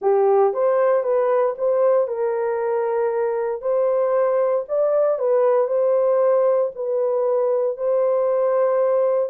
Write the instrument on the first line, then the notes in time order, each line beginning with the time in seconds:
horn
0.01 G4
0.53 C5
1.03 B4
1.58 C5
2.07 A#4
3.61 C5
4.68 D5
5.18 B4
5.67 C5
6.75 B4
7.77 C5